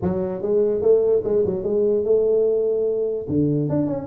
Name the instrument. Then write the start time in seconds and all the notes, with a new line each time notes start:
tuba
0.01 F#3
0.42 G#3
0.81 A3
1.24 G#3
1.45 F#3
1.63 G#3
2.04 A3
3.29 D3
3.69 D4
3.86 C#4